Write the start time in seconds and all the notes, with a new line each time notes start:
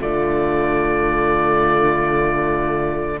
0.00 D3 A3 F4 D5